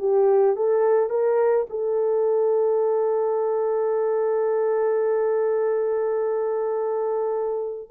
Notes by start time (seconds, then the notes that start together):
0.00 G4
0.57 A4
1.10 A#4
1.70 A4